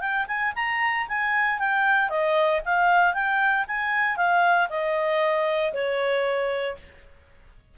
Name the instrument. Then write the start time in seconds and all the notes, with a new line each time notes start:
clarinet
0.00 G5
0.27 G#5
0.55 A#5
1.08 G#5
1.59 G5
2.09 D#5
2.65 F5
3.13 G5
3.67 G#5
4.16 F5
4.69 D#5
5.73 C#5